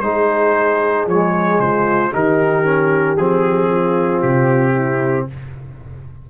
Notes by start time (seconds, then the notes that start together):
0.00 G#3 D#4 G#4 C5
1.06 F3 G#3 C#5
1.58 C#3 F4 C5
2.12 D#3 D#4 G4 A#4
2.64 C#4
3.17 F3 C4 G#4
3.71 F4
4.21 C3 G4
4.73 E4